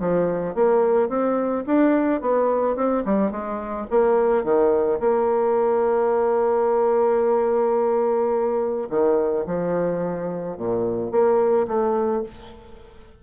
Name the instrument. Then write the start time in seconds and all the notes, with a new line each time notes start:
bassoon
0.00 F3
0.55 A#3
1.09 C4
1.67 D4
2.22 B3
2.76 C4
3.06 G3
3.32 G#3
3.91 A#3
4.44 D#3
5.00 A#3
8.90 D#3
9.47 F3
10.57 A#2
11.12 A#3
11.68 A3